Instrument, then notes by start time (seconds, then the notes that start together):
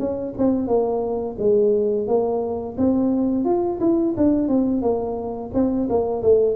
tuba
0.00 C#4
0.38 C4
0.68 A#3
1.39 G#3
2.08 A#3
2.78 C4
3.45 F4
3.81 E4
4.18 D4
4.49 C4
4.82 A#3
5.54 C4
5.90 A#3
6.23 A3